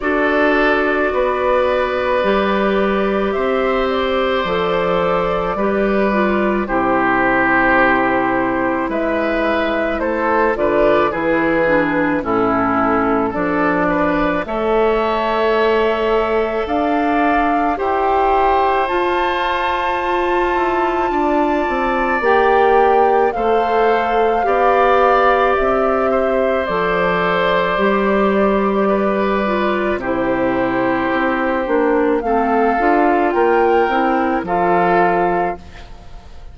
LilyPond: <<
  \new Staff \with { instrumentName = "flute" } { \time 4/4 \tempo 4 = 54 d''2. e''8 d''8~ | d''2 c''2 | e''4 c''8 d''8 b'4 a'4 | d''4 e''2 f''4 |
g''4 a''2. | g''4 f''2 e''4 | d''2. c''4~ | c''4 f''4 g''4 f''4 | }
  \new Staff \with { instrumentName = "oboe" } { \time 4/4 a'4 b'2 c''4~ | c''4 b'4 g'2 | b'4 a'8 b'8 gis'4 e'4 | a'8 b'8 cis''2 d''4 |
c''2. d''4~ | d''4 c''4 d''4. c''8~ | c''2 b'4 g'4~ | g'4 a'4 ais'4 a'4 | }
  \new Staff \with { instrumentName = "clarinet" } { \time 4/4 fis'2 g'2 | a'4 g'8 f'8 e'2~ | e'4. f'8 e'8 d'8 cis'4 | d'4 a'2. |
g'4 f'2. | g'4 a'4 g'2 | a'4 g'4. f'8 e'4~ | e'8 d'8 c'8 f'4 e'8 f'4 | }
  \new Staff \with { instrumentName = "bassoon" } { \time 4/4 d'4 b4 g4 c'4 | f4 g4 c2 | gis4 a8 d8 e4 a,4 | f4 a2 d'4 |
e'4 f'4. e'8 d'8 c'8 | ais4 a4 b4 c'4 | f4 g2 c4 | c'8 ais8 a8 d'8 ais8 c'8 f4 | }
>>